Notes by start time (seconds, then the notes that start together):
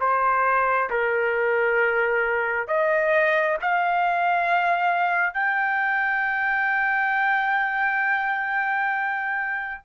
0.00 C5
0.90 A#4
2.68 D#5
3.62 F5
5.34 G5